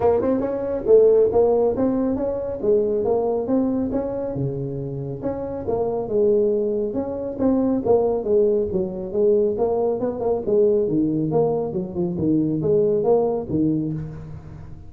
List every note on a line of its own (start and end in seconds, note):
0.00 0.21 A#3
0.21 0.40 C4
0.40 0.84 C#4
0.86 1.29 A3
1.32 1.75 A#3
1.76 2.15 C4
2.15 2.59 C#4
2.62 3.04 G#3
3.04 3.47 A#3
3.47 3.90 C4
3.91 4.34 C#4
4.34 5.21 C#3
5.22 5.65 C#4
5.67 6.08 A#3
6.08 6.93 G#3
6.93 7.37 C#4
7.38 7.82 C4
7.85 8.24 A#3
8.24 8.67 G#3
8.72 9.12 F#3
9.12 9.56 G#3
9.58 10.00 A#3
10.00 10.20 B3
10.20 10.42 A#3
10.46 10.88 G#3
10.88 11.31 D#3
11.31 11.73 A#3
11.73 11.94 F#3
11.94 12.16 F3
12.18 12.61 D#3
12.62 13.03 G#3
13.03 13.47 A#3
13.49 13.92 D#3